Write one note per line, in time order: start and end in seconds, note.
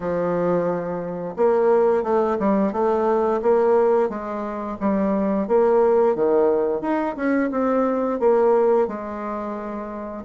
0.00 1.34 F3
1.36 2.03 A#3
2.03 2.37 A3
2.39 2.72 G3
2.72 3.40 A3
3.42 4.09 A#3
4.09 4.77 G#3
4.80 5.47 G3
5.47 6.15 A#3
6.15 6.81 D#3
6.81 7.15 D#4
7.16 7.50 C#4
7.51 8.19 C4
8.19 8.87 A#3
8.87 10.24 G#3